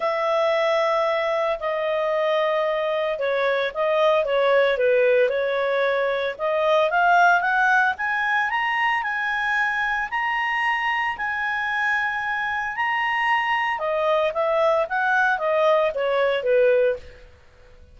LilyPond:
\new Staff \with { instrumentName = "clarinet" } { \time 4/4 \tempo 4 = 113 e''2. dis''4~ | dis''2 cis''4 dis''4 | cis''4 b'4 cis''2 | dis''4 f''4 fis''4 gis''4 |
ais''4 gis''2 ais''4~ | ais''4 gis''2. | ais''2 dis''4 e''4 | fis''4 dis''4 cis''4 b'4 | }